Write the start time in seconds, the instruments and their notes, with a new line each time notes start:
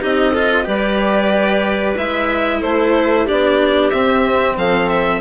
0.00 bassoon C4, cello D#4, clarinet G4, violin D#5
0.30 cello F4, clarinet A4
0.63 bassoon G3, cello G4, clarinet B4, violin D5
1.97 bassoon G#3, cello E4, violin E5
2.59 bassoon A3, clarinet A4, violin C5
3.24 bassoon B3, cello D4, clarinet G4, violin D5
3.90 bassoon C4, cello C4, violin E5
4.56 bassoon F3, clarinet A4, violin F5
4.89 violin E5